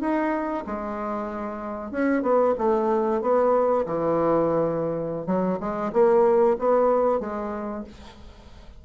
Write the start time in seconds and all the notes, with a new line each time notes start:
0.00 D#4
0.66 G#3
1.91 C#4
2.22 B3
2.58 A3
3.22 B3
3.86 E3
5.26 F#3
5.60 G#3
5.93 A#3
6.59 B3
7.20 G#3